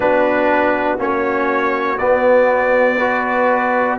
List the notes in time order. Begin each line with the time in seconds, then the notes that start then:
0.00 B3 D4 F#4 B4
0.97 A#3 C#4 C#5
1.98 B3 D5
2.97 F#4 B4